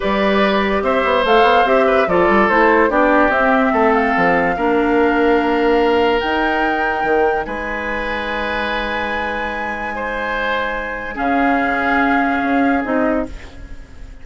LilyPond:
<<
  \new Staff \with { instrumentName = "flute" } { \time 4/4 \tempo 4 = 145 d''2 e''4 f''4 | e''4 d''4 c''4 d''4 | e''4. f''2~ f''8~ | f''2. g''4~ |
g''2 gis''2~ | gis''1~ | gis''2. f''4~ | f''2. dis''4 | }
  \new Staff \with { instrumentName = "oboe" } { \time 4/4 b'2 c''2~ | c''8 b'8 a'2 g'4~ | g'4 a'2 ais'4~ | ais'1~ |
ais'2 b'2~ | b'1 | c''2. gis'4~ | gis'1 | }
  \new Staff \with { instrumentName = "clarinet" } { \time 4/4 g'2. a'4 | g'4 f'4 e'4 d'4 | c'2. d'4~ | d'2. dis'4~ |
dis'1~ | dis'1~ | dis'2. cis'4~ | cis'2. dis'4 | }
  \new Staff \with { instrumentName = "bassoon" } { \time 4/4 g2 c'8 b8 a8 b8 | c'4 f8 g8 a4 b4 | c'4 a4 f4 ais4~ | ais2. dis'4~ |
dis'4 dis4 gis2~ | gis1~ | gis2. cis4~ | cis2 cis'4 c'4 | }
>>